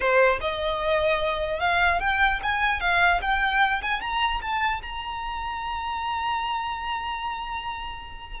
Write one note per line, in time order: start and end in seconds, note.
0.00 0.39 C5
0.41 1.59 D#5
1.59 1.99 F5
2.00 2.40 G5
2.42 2.80 G#5
2.80 3.20 F5
3.21 3.81 G5
3.81 4.00 G#5
4.00 4.40 A#5
4.41 4.81 A5
4.82 8.40 A#5